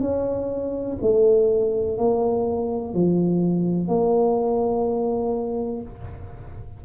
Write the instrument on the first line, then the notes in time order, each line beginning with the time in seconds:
tuba
0.00 C#4
1.02 A3
1.98 A#3
2.93 F3
3.88 A#3